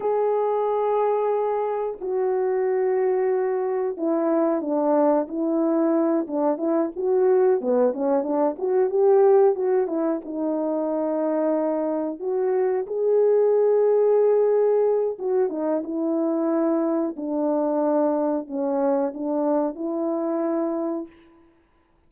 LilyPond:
\new Staff \with { instrumentName = "horn" } { \time 4/4 \tempo 4 = 91 gis'2. fis'4~ | fis'2 e'4 d'4 | e'4. d'8 e'8 fis'4 b8 | cis'8 d'8 fis'8 g'4 fis'8 e'8 dis'8~ |
dis'2~ dis'8 fis'4 gis'8~ | gis'2. fis'8 dis'8 | e'2 d'2 | cis'4 d'4 e'2 | }